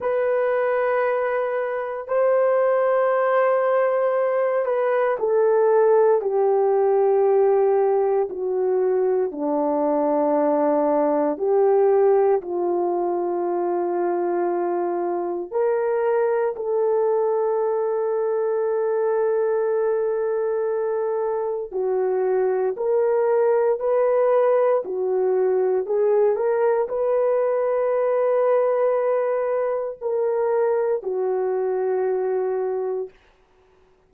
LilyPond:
\new Staff \with { instrumentName = "horn" } { \time 4/4 \tempo 4 = 58 b'2 c''2~ | c''8 b'8 a'4 g'2 | fis'4 d'2 g'4 | f'2. ais'4 |
a'1~ | a'4 fis'4 ais'4 b'4 | fis'4 gis'8 ais'8 b'2~ | b'4 ais'4 fis'2 | }